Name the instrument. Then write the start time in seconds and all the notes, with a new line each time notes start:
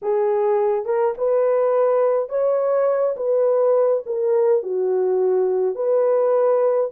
horn
0.02 G#4
0.85 A#4
1.17 B4
2.29 C#5
3.16 B4
4.05 A#4
4.62 F#4
5.75 B4